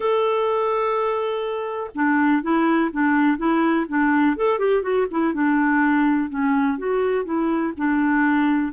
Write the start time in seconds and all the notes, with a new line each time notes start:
0.00 A4
1.94 D4
2.42 E4
2.91 D4
3.37 E4
3.88 D4
4.36 A4
4.58 G4
4.82 F#4
5.10 E4
5.33 D4
6.29 C#4
6.78 F#4
7.24 E4
7.77 D4